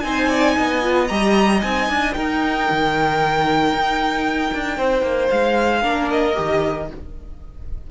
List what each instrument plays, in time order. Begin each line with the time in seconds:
0.00 cello C4, viola D#4, violin C5 G#5
0.29 violin D5
0.57 cello B3, violin D#5
0.82 viola F4
1.08 cello G3, viola G4, violin A#5
1.62 cello C4, viola D#4, violin G#5
1.90 cello D4
2.14 cello D#4, violin A#4 G5
2.71 cello D#3
3.73 cello D#4
4.54 cello D4
4.77 cello C4, violin C5
5.02 cello A#3
5.30 cello G#3, violin F5
5.82 cello A#3, viola D4, violin A#4
6.11 violin D#5
6.35 cello D#3, viola G4